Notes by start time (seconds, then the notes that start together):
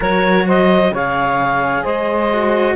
0.00 F#3 F#4 A#4 C#5
0.46 C5 D#5
0.90 C#3 G#4 C#5 F5
1.83 G#3 C5 D#5
2.32 F#4